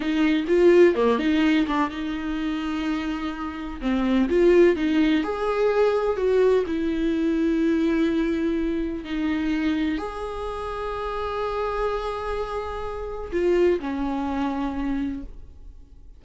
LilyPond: \new Staff \with { instrumentName = "viola" } { \time 4/4 \tempo 4 = 126 dis'4 f'4 ais8 dis'4 d'8 | dis'1 | c'4 f'4 dis'4 gis'4~ | gis'4 fis'4 e'2~ |
e'2. dis'4~ | dis'4 gis'2.~ | gis'1 | f'4 cis'2. | }